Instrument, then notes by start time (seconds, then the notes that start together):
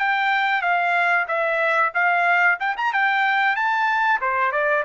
trumpet
0.00 G5
0.62 F5
1.28 E5
1.94 F5
2.60 G5
2.77 A#5
2.94 G5
3.56 A5
4.21 C5
4.52 D5